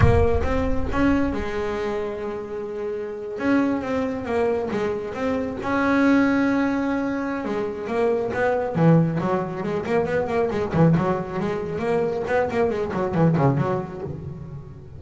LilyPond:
\new Staff \with { instrumentName = "double bass" } { \time 4/4 \tempo 4 = 137 ais4 c'4 cis'4 gis4~ | gis2.~ gis8. cis'16~ | cis'8. c'4 ais4 gis4 c'16~ | c'8. cis'2.~ cis'16~ |
cis'4 gis4 ais4 b4 | e4 fis4 gis8 ais8 b8 ais8 | gis8 e8 fis4 gis4 ais4 | b8 ais8 gis8 fis8 e8 cis8 fis4 | }